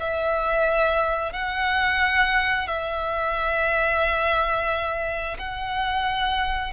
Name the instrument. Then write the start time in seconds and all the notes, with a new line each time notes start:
violin
0.00 E5
1.32 F#5
2.68 E5
5.38 F#5